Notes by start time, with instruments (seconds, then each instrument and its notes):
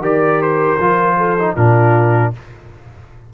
0.00 tuba D#3, trombone G4, horn A#4, trumpet D5
0.42 trumpet C5
0.79 tuba F3, trombone F4
1.18 horn A4
1.39 trombone D#4
1.55 tuba A#2, trombone D4, horn F4, trumpet A#4